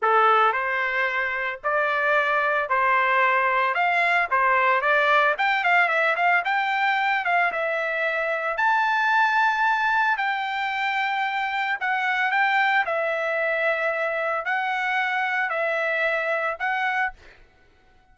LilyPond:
\new Staff \with { instrumentName = "trumpet" } { \time 4/4 \tempo 4 = 112 a'4 c''2 d''4~ | d''4 c''2 f''4 | c''4 d''4 g''8 f''8 e''8 f''8 | g''4. f''8 e''2 |
a''2. g''4~ | g''2 fis''4 g''4 | e''2. fis''4~ | fis''4 e''2 fis''4 | }